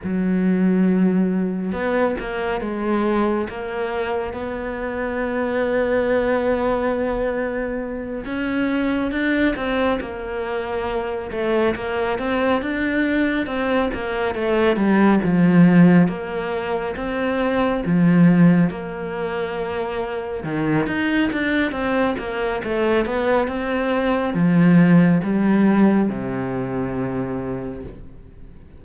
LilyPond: \new Staff \with { instrumentName = "cello" } { \time 4/4 \tempo 4 = 69 fis2 b8 ais8 gis4 | ais4 b2.~ | b4. cis'4 d'8 c'8 ais8~ | ais4 a8 ais8 c'8 d'4 c'8 |
ais8 a8 g8 f4 ais4 c'8~ | c'8 f4 ais2 dis8 | dis'8 d'8 c'8 ais8 a8 b8 c'4 | f4 g4 c2 | }